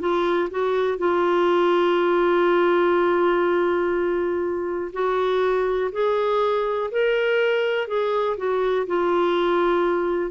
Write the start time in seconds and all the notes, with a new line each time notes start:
0.00 F4
0.50 F#4
0.98 F4
4.92 F#4
5.92 G#4
6.91 A#4
7.87 G#4
8.37 F#4
8.87 F4